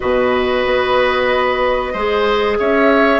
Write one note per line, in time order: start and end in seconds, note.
0.00 0.65 B2
0.00 1.93 F#4
0.00 1.92 B4
0.00 2.55 D#5
0.65 1.94 B3
1.92 2.58 G#3
1.92 3.20 G#4
1.92 2.57 C5
2.59 3.20 C#4
2.59 3.20 C#5
2.59 3.20 E5